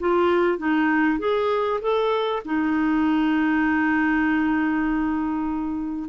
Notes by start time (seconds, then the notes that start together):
0.00 F4
0.58 D#4
1.19 G#4
1.81 A4
2.45 D#4